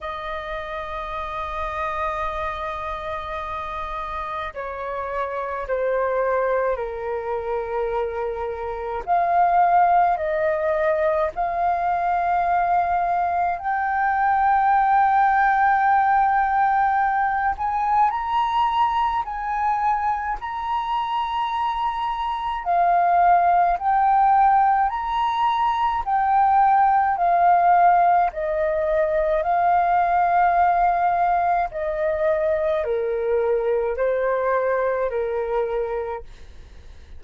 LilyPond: \new Staff \with { instrumentName = "flute" } { \time 4/4 \tempo 4 = 53 dis''1 | cis''4 c''4 ais'2 | f''4 dis''4 f''2 | g''2.~ g''8 gis''8 |
ais''4 gis''4 ais''2 | f''4 g''4 ais''4 g''4 | f''4 dis''4 f''2 | dis''4 ais'4 c''4 ais'4 | }